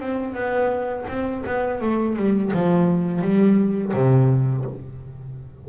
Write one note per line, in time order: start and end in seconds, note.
0.00 0.34 C4
0.34 1.06 B3
1.08 1.44 C4
1.47 1.81 B3
1.81 2.17 A3
2.17 2.52 G3
2.54 3.22 F3
3.22 3.93 G3
3.94 4.65 C3